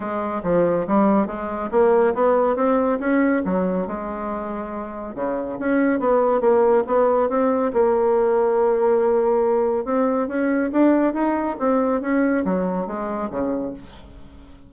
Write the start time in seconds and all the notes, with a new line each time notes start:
0.00 G#3
0.43 F3
0.87 G3
1.26 G#3
1.71 A#3
2.14 B3
2.56 C4
2.99 C#4
3.44 F#3
3.87 G#3
5.14 C#3
5.59 C#4
5.99 B3
6.41 A#3
6.86 B3
7.29 C4
7.73 A#3
9.85 C4
10.28 C#4
10.72 D4
11.13 D#4
11.59 C4
12.01 C#4
12.44 F#3
12.86 G#3
13.30 C#3